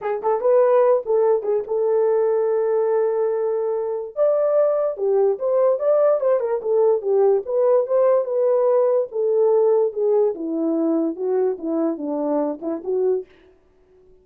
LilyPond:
\new Staff \with { instrumentName = "horn" } { \time 4/4 \tempo 4 = 145 gis'8 a'8 b'4. a'4 gis'8 | a'1~ | a'2 d''2 | g'4 c''4 d''4 c''8 ais'8 |
a'4 g'4 b'4 c''4 | b'2 a'2 | gis'4 e'2 fis'4 | e'4 d'4. e'8 fis'4 | }